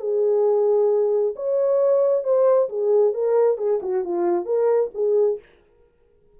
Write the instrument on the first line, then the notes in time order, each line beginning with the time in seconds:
horn
0.00 G#4
1.35 C#5
2.24 C5
2.68 G#4
3.13 A#4
3.57 G#4
3.82 F#4
4.04 F4
4.45 A#4
4.94 G#4